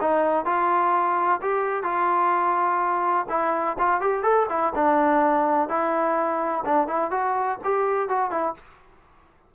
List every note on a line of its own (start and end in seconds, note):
0.00 0.45 D#4
0.45 1.40 F4
1.41 1.83 G4
1.83 3.26 F4
3.29 3.76 E4
3.79 4.01 F4
4.01 4.23 G4
4.23 4.46 A4
4.49 4.73 E4
4.75 5.68 D4
5.68 6.64 E4
6.65 6.87 D4
6.87 7.11 E4
7.11 7.58 F#4
7.64 8.08 G4
8.08 8.30 F#4
8.30 8.54 E4